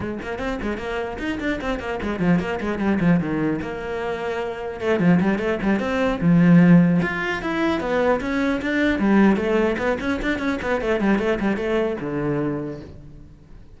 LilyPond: \new Staff \with { instrumentName = "cello" } { \time 4/4 \tempo 4 = 150 gis8 ais8 c'8 gis8 ais4 dis'8 d'8 | c'8 ais8 gis8 f8 ais8 gis8 g8 f8 | dis4 ais2. | a8 f8 g8 a8 g8 c'4 f8~ |
f4. f'4 e'4 b8~ | b8 cis'4 d'4 g4 a8~ | a8 b8 cis'8 d'8 cis'8 b8 a8 g8 | a8 g8 a4 d2 | }